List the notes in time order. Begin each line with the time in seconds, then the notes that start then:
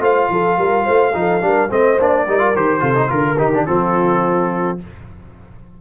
0.00 A3 F4 C5 F5
0.30 F3 A4
0.58 G3 A#4
0.85 A3 C5
1.14 F3 D#4 A4
1.41 G3 D4 A#4
1.70 A3 C4 C5 D#5
2.00 A#3 D4 D5
2.28 G3 D#4 A#4
2.39 F4
2.56 D#3 G4 C5
2.80 C3 F4 A4
2.95 D#4
3.08 D3 F4 A#4
3.39 D#3 D#4 G4
3.55 D4
3.66 F3 C4 F4 A4